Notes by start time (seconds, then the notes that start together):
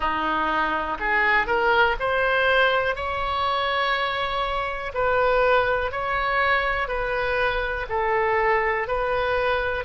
0.00 D#4
0.99 G#4
1.46 A#4
1.99 C5
2.95 C#5
4.94 B4
5.91 C#5
6.88 B4
7.89 A4
8.87 B4